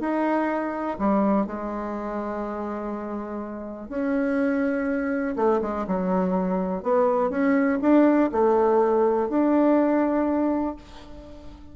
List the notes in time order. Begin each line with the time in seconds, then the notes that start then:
0.00 D#4
0.99 G3
1.46 G#3
3.89 C#4
5.36 A3
5.61 G#3
5.87 F#3
6.83 B3
7.30 C#4
7.82 D4
8.32 A3
9.29 D4